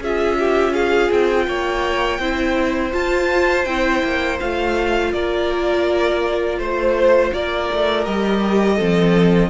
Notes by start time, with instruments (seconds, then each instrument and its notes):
0.00 cello C#4, viola F4, violin G#4 E5
0.39 violin G4
0.73 violin G#4 F5
1.11 cello C4, violin G5
1.48 cello A#3, violin C#5
2.19 cello C4, viola E4, violin C5
2.93 viola F4, cello F4, violin A5
3.65 cello C4, viola E4, violin G5
4.04 cello A#3
4.40 cello A3, viola F4, violin F5
5.13 cello A#3, violin A#4 D5
6.59 cello A3, violin C5
7.34 cello A#3, violin A#4 D5
7.74 cello A3
8.06 cello G3, viola G4, violin D#5
8.76 cello F3, viola C4, violin A4